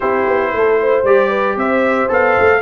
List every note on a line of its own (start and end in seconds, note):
0.00 0.26 C4
0.00 1.05 E4
0.00 0.52 G4
0.00 1.04 C5
0.26 0.53 B3
0.53 1.03 A3
0.53 0.79 A4
0.79 1.29 C5
1.03 1.56 G3
1.03 2.09 G4
1.03 1.57 D5
1.29 1.55 B4
1.56 2.08 C4
1.56 2.61 C5
1.56 2.11 E5
2.09 2.36 B3
2.09 2.61 A4
2.09 2.62 F5
2.40 2.62 A3